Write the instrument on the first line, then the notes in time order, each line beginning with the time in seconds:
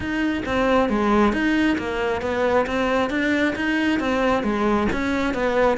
cello
0.00 D#4
0.45 C4
0.89 G#3
1.32 D#4
1.78 A#3
2.21 B3
2.66 C4
3.09 D4
3.55 D#4
3.99 C4
4.43 G#3
4.92 C#4
5.34 B3